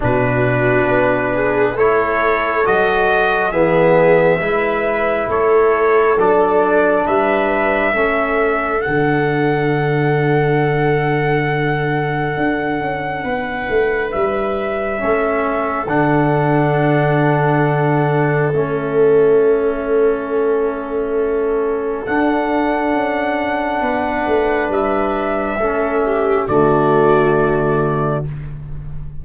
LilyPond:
<<
  \new Staff \with { instrumentName = "trumpet" } { \time 4/4 \tempo 4 = 68 b'2 cis''4 dis''4 | e''2 cis''4 d''4 | e''2 fis''2~ | fis''1 |
e''2 fis''2~ | fis''4 e''2.~ | e''4 fis''2. | e''2 d''2 | }
  \new Staff \with { instrumentName = "viola" } { \time 4/4 fis'4. gis'8 a'2 | gis'4 b'4 a'2 | b'4 a'2.~ | a'2. b'4~ |
b'4 a'2.~ | a'1~ | a'2. b'4~ | b'4 a'8 g'8 fis'2 | }
  \new Staff \with { instrumentName = "trombone" } { \time 4/4 d'2 e'4 fis'4 | b4 e'2 d'4~ | d'4 cis'4 d'2~ | d'1~ |
d'4 cis'4 d'2~ | d'4 cis'2.~ | cis'4 d'2.~ | d'4 cis'4 a2 | }
  \new Staff \with { instrumentName = "tuba" } { \time 4/4 b,4 b4 a4 fis4 | e4 gis4 a4 fis4 | g4 a4 d2~ | d2 d'8 cis'8 b8 a8 |
g4 a4 d2~ | d4 a2.~ | a4 d'4 cis'4 b8 a8 | g4 a4 d2 | }
>>